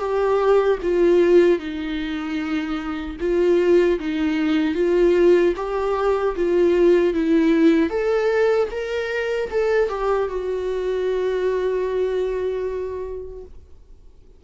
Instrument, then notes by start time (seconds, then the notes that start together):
viola
0.00 G4
0.83 F4
1.59 D#4
3.21 F4
4.00 D#4
4.75 F4
5.57 G4
6.36 F4
7.14 E4
7.90 A4
8.72 A#4
9.51 A4
9.90 G4
10.29 F#4